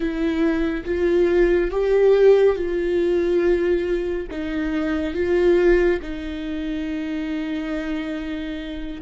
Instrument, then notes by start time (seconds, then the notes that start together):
viola
0.00 E4
0.85 F4
1.70 G4
2.56 F4
4.31 D#4
5.14 F4
6.02 D#4